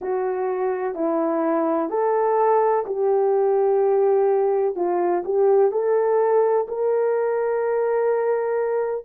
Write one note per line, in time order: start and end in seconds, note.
0.01 0.94 F#4
0.94 1.89 E4
1.89 2.84 A4
2.86 4.75 G4
4.75 5.23 F4
5.24 5.71 G4
5.71 6.66 A4
6.68 9.05 A#4